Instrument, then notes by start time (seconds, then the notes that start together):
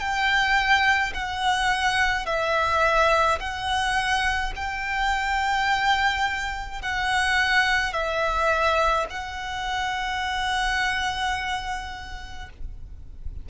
violin
0.00 G5
1.14 F#5
2.26 E5
3.40 F#5
4.56 G5
6.82 F#5
7.93 E5
9.10 F#5